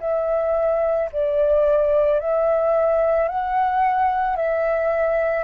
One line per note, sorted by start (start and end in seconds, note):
0.00 1.09 E5
1.12 2.20 D5
2.20 3.28 E5
3.28 4.36 F#5
4.36 5.43 E5